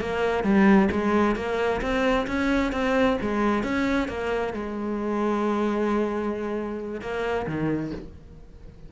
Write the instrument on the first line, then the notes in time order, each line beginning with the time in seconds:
cello
0.00 A#3
0.43 G3
0.91 G#3
1.36 A#3
1.81 C4
2.27 C#4
2.72 C4
3.21 G#3
3.64 C#4
4.08 A#3
4.53 G#3
7.01 A#3
7.47 D#3